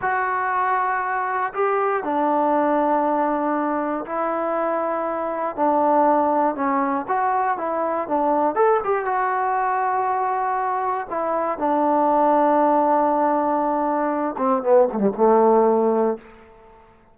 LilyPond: \new Staff \with { instrumentName = "trombone" } { \time 4/4 \tempo 4 = 119 fis'2. g'4 | d'1 | e'2. d'4~ | d'4 cis'4 fis'4 e'4 |
d'4 a'8 g'8 fis'2~ | fis'2 e'4 d'4~ | d'1~ | d'8 c'8 b8 a16 g16 a2 | }